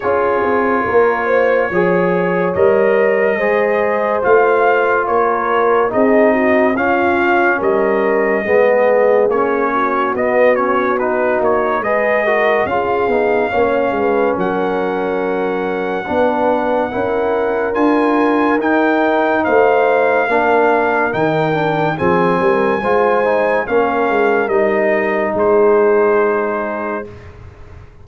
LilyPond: <<
  \new Staff \with { instrumentName = "trumpet" } { \time 4/4 \tempo 4 = 71 cis''2. dis''4~ | dis''4 f''4 cis''4 dis''4 | f''4 dis''2 cis''4 | dis''8 cis''8 b'8 cis''8 dis''4 f''4~ |
f''4 fis''2.~ | fis''4 gis''4 g''4 f''4~ | f''4 g''4 gis''2 | f''4 dis''4 c''2 | }
  \new Staff \with { instrumentName = "horn" } { \time 4/4 gis'4 ais'8 c''8 cis''2 | c''2 ais'4 gis'8 fis'8 | f'4 ais'4 gis'4. fis'8~ | fis'2 b'8 ais'8 gis'4 |
cis''8 b'8 ais'2 b'4 | ais'2. c''4 | ais'2 gis'8 ais'8 c''4 | ais'2 gis'2 | }
  \new Staff \with { instrumentName = "trombone" } { \time 4/4 f'2 gis'4 ais'4 | gis'4 f'2 dis'4 | cis'2 b4 cis'4 | b8 cis'8 dis'4 gis'8 fis'8 f'8 dis'8 |
cis'2. d'4 | e'4 f'4 dis'2 | d'4 dis'8 d'8 c'4 f'8 dis'8 | cis'4 dis'2. | }
  \new Staff \with { instrumentName = "tuba" } { \time 4/4 cis'8 c'8 ais4 f4 g4 | gis4 a4 ais4 c'4 | cis'4 g4 gis4 ais4 | b4. ais8 gis4 cis'8 b8 |
ais8 gis8 fis2 b4 | cis'4 d'4 dis'4 a4 | ais4 dis4 f8 g8 gis4 | ais8 gis8 g4 gis2 | }
>>